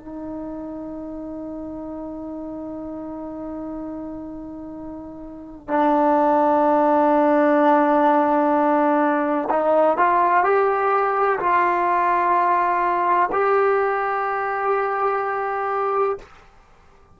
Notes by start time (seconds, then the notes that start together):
0.00 D#4
5.68 D4
9.50 D#4
9.98 F4
10.44 G4
11.40 F4
13.32 G4